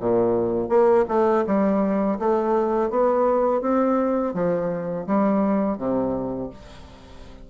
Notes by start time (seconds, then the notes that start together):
0.00 A#2
0.69 A#3
1.08 A3
1.46 G3
2.19 A3
2.90 B3
3.61 C4
4.34 F3
5.07 G3
5.78 C3